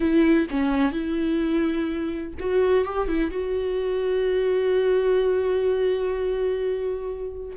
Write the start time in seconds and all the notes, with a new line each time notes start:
0.00 E4
0.50 C#4
0.91 E4
2.39 F#4
2.84 G4
3.08 E4
3.30 F#4